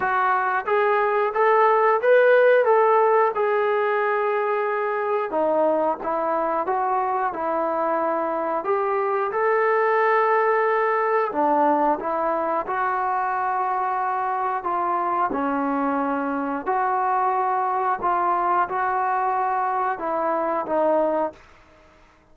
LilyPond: \new Staff \with { instrumentName = "trombone" } { \time 4/4 \tempo 4 = 90 fis'4 gis'4 a'4 b'4 | a'4 gis'2. | dis'4 e'4 fis'4 e'4~ | e'4 g'4 a'2~ |
a'4 d'4 e'4 fis'4~ | fis'2 f'4 cis'4~ | cis'4 fis'2 f'4 | fis'2 e'4 dis'4 | }